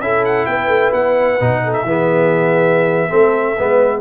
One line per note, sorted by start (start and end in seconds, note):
0.00 0.46 C#4
0.00 1.40 E4
0.00 0.48 A4
0.00 0.24 E5
0.24 0.45 F#5
0.45 0.67 B3
0.45 1.63 B4
0.45 0.91 G5
0.67 0.90 A3
0.92 1.38 B3
0.92 1.73 F#5
1.40 1.83 B2
1.40 1.86 D#4
1.64 1.87 A4
1.73 4.01 E5
1.83 3.09 E3
1.83 3.09 B3
1.83 3.08 G#4
3.08 3.58 A3
3.08 3.55 C4
3.08 3.54 A4
3.56 4.01 G#3
3.56 4.01 B3
3.56 4.01 B4